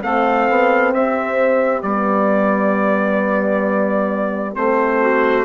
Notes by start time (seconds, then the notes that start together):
0.00 A3 C4 A4 F5
0.50 B3
0.94 C4 G4 E5
1.83 G3 B3 D5
4.54 A3 C4 C5
5.01 F#4